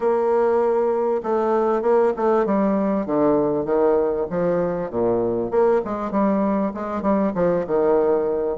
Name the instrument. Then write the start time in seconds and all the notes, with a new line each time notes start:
bassoon
0.00 A#3
1.23 A3
1.82 A#3
2.16 A3
2.45 G3
3.06 D3
3.65 D#3
4.29 F3
4.90 A#2
5.50 A#3
5.84 G#3
6.11 G3
6.73 G#3
7.02 G3
7.34 F3
7.67 D#3